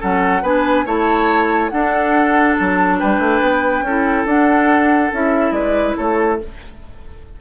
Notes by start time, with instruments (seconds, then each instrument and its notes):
0.00 bassoon F#3, clarinet C#4, oboe A4, flute F#5
0.42 bassoon B3, clarinet D4, oboe B4, flute G#5
0.86 bassoon A3, clarinet E4, oboe C#5, flute A5
1.69 bassoon D4, clarinet D4, oboe A4, flute F#5
2.55 bassoon F#3, flute A5
2.99 bassoon G3, oboe B4, flute G5
3.19 bassoon A3
3.41 bassoon B3
3.82 bassoon C#4, clarinet E4, oboe A4
4.26 bassoon D4, clarinet D4, flute F#5
5.13 bassoon C#4, clarinet E4, flute E5
5.52 bassoon G#3, oboe B4, flute D5
5.97 bassoon A3, oboe A4, flute C#5